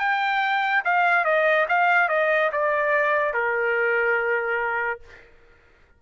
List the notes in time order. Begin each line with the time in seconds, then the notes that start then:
0.00 G5
0.85 F5
1.25 D#5
1.69 F5
2.09 D#5
2.53 D5
3.34 A#4